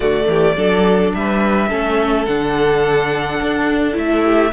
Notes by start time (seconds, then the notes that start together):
0.00 D3 A3 F#4 D5
0.27 E3 G4
0.56 F#3 D4 A4
1.14 G3 B4 E5
1.69 A3 C#4 A4
2.25 D3 D4 F#5
3.41 D4
3.92 A3 E4 E5
4.23 G4